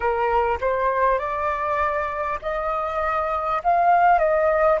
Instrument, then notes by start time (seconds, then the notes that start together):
flute
0.00 A#4
0.61 C5
1.18 D5
2.42 D#5
3.63 F5
4.18 D#5